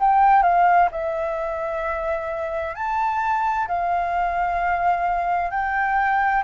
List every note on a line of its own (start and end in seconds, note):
0.00 0.43 G5
0.43 0.89 F5
0.91 2.75 E5
2.75 3.68 A5
3.68 5.51 F5
5.51 6.43 G5